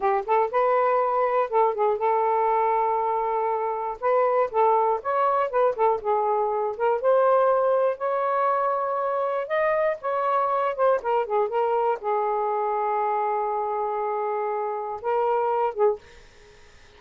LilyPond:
\new Staff \with { instrumentName = "saxophone" } { \time 4/4 \tempo 4 = 120 g'8 a'8 b'2 a'8 gis'8 | a'1 | b'4 a'4 cis''4 b'8 a'8 | gis'4. ais'8 c''2 |
cis''2. dis''4 | cis''4. c''8 ais'8 gis'8 ais'4 | gis'1~ | gis'2 ais'4. gis'8 | }